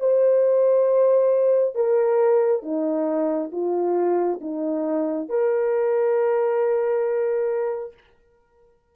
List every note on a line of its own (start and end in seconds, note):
0.00 1.75 C5
1.75 2.62 A#4
2.62 3.51 D#4
3.52 4.40 F4
4.41 5.29 D#4
5.29 7.94 A#4